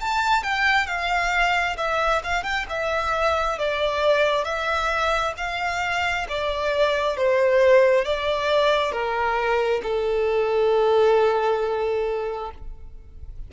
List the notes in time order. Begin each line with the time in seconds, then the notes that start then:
0.00 A5
0.43 G5
0.86 F5
1.77 E5
2.23 F5
2.43 G5
2.69 E5
3.58 D5
4.44 E5
5.37 F5
6.28 D5
7.16 C5
8.04 D5
8.91 A#4
9.82 A4